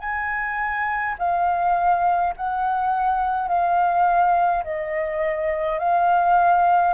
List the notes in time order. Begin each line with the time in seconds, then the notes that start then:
0.00 G#5
1.19 F5
2.37 F#5
3.48 F5
4.64 D#5
5.79 F5